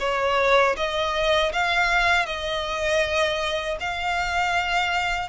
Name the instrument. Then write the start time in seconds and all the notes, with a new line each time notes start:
violin
0.00 C#5
0.77 D#5
1.53 F5
2.26 D#5
3.80 F5